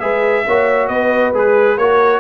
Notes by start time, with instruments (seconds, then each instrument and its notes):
0.00 tuba G#3, trombone G#4, horn B4, trumpet E5
0.46 tuba A#3, trombone F#4, horn C#5
0.88 tuba B3, horn B4, trumpet D#5
1.33 tuba G#3, trombone G#4, trumpet B4
1.77 tuba A#3, trombone F#4, horn A#4, trumpet C#5